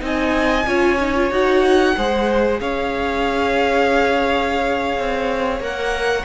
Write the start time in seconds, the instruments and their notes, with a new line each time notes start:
0.00 cello C4, viola D#4, violin D#5 G#5
0.67 cello C#4, viola F4, violin C#5
1.00 viola D#4
1.16 viola F4
1.31 cello D#4, viola F#4, violin F#5
1.97 cello G#3, viola G#4, violin C5
2.60 cello C#4, violin C#5 F5
4.98 cello C4
5.60 cello A#3, viola A#4, violin F#5